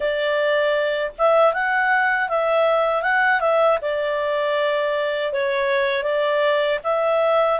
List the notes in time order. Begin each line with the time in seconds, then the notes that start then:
0.00 D5
1.17 E5
1.53 F#5
2.28 E5
3.02 F#5
3.40 E5
3.81 D5
5.32 C#5
6.03 D5
6.84 E5